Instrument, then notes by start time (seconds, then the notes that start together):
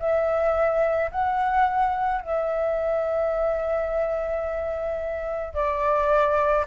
flute
0.00 E5
1.12 F#5
2.21 E5
5.55 D5